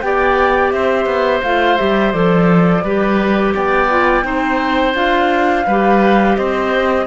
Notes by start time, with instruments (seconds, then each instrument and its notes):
0.00 cello B3, clarinet G4, oboe D5, flute G5
0.71 cello C4, oboe C5, flute E5
1.06 cello B3
1.42 cello A3, clarinet F4, flute F5
1.77 cello G3, clarinet G4, flute E5
2.11 cello F3, clarinet A4, flute D5
2.83 cello G3, clarinet G4, oboe B4
3.54 cello B3, oboe D5, flute G5
3.89 clarinet F4
4.22 cello C4, clarinet D#4, oboe C5
4.94 cello D4, clarinet F4, flute F5
5.66 cello G3, clarinet G4, oboe B4
6.36 cello C4, oboe C5, flute D#5